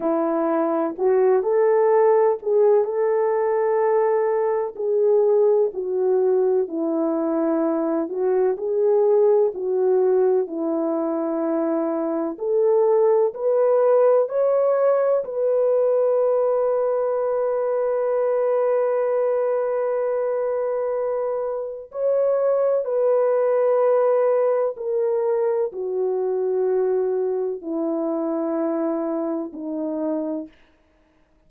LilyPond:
\new Staff \with { instrumentName = "horn" } { \time 4/4 \tempo 4 = 63 e'4 fis'8 a'4 gis'8 a'4~ | a'4 gis'4 fis'4 e'4~ | e'8 fis'8 gis'4 fis'4 e'4~ | e'4 a'4 b'4 cis''4 |
b'1~ | b'2. cis''4 | b'2 ais'4 fis'4~ | fis'4 e'2 dis'4 | }